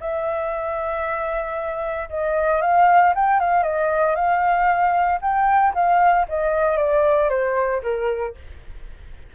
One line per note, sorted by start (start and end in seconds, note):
0.00 2.09 E5
2.09 2.61 D#5
2.61 3.14 F5
3.15 3.39 G5
3.39 3.63 F5
3.63 4.15 D#5
4.15 5.20 F5
5.21 5.73 G5
5.74 6.26 F5
6.29 6.77 D#5
6.77 7.29 D5
7.29 7.81 C5
7.83 8.35 A#4